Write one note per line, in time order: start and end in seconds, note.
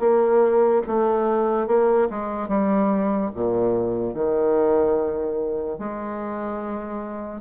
0.00 0.82 A#3
0.87 1.67 A3
1.67 2.08 A#3
2.10 2.48 G#3
2.48 3.31 G3
3.35 4.14 A#2
4.14 5.79 D#3
5.79 7.42 G#3